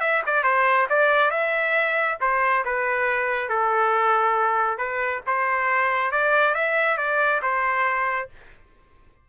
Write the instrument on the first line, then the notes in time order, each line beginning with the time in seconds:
trumpet
0.00 E5
0.26 D5
0.43 C5
0.89 D5
1.30 E5
2.20 C5
2.65 B4
3.48 A4
4.77 B4
5.26 C5
6.11 D5
6.54 E5
6.97 D5
7.42 C5